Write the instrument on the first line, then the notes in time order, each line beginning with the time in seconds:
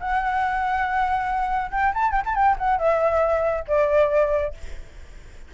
flute
0.00 F#5
1.71 G5
1.94 A5
2.12 G5
2.25 A5
2.35 G5
2.58 F#5
2.78 E5
3.68 D5